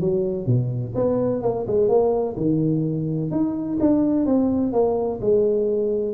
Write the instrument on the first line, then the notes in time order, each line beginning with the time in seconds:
tuba
0.00 F#3
0.46 B2
0.95 B3
1.42 A#3
1.67 G#3
1.88 A#3
2.37 D#3
3.31 D#4
3.80 D4
4.25 C4
4.72 A#3
5.21 G#3